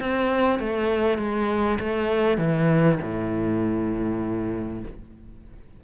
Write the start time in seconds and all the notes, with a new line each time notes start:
0.00 C4
0.60 A3
1.18 G#3
1.80 A3
2.38 E3
3.02 A2